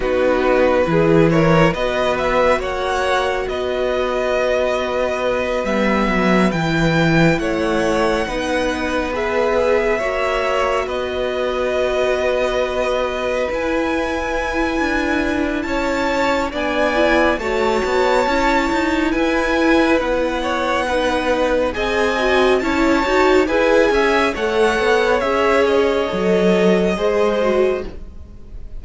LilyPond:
<<
  \new Staff \with { instrumentName = "violin" } { \time 4/4 \tempo 4 = 69 b'4. cis''8 dis''8 e''8 fis''4 | dis''2~ dis''8 e''4 g''8~ | g''8 fis''2 e''4.~ | e''8 dis''2. gis''8~ |
gis''2 a''4 gis''4 | a''2 gis''4 fis''4~ | fis''4 gis''4 a''4 gis''4 | fis''4 e''8 dis''2~ dis''8 | }
  \new Staff \with { instrumentName = "violin" } { \time 4/4 fis'4 gis'8 ais'8 b'4 cis''4 | b'1~ | b'8 cis''4 b'2 cis''8~ | cis''8 b'2.~ b'8~ |
b'2 cis''4 d''4 | cis''2 b'4. cis''8 | b'4 dis''4 cis''4 b'8 e''8 | cis''2. c''4 | }
  \new Staff \with { instrumentName = "viola" } { \time 4/4 dis'4 e'4 fis'2~ | fis'2~ fis'8 b4 e'8~ | e'4. dis'4 gis'4 fis'8~ | fis'2.~ fis'8 e'8~ |
e'2. d'8 e'8 | fis'4 e'2. | dis'4 gis'8 fis'8 e'8 fis'8 gis'4 | a'4 gis'4 a'4 gis'8 fis'8 | }
  \new Staff \with { instrumentName = "cello" } { \time 4/4 b4 e4 b4 ais4 | b2~ b8 g8 fis8 e8~ | e8 a4 b2 ais8~ | ais8 b2. e'8~ |
e'4 d'4 cis'4 b4 | a8 b8 cis'8 dis'8 e'4 b4~ | b4 c'4 cis'8 dis'8 e'8 cis'8 | a8 b8 cis'4 fis4 gis4 | }
>>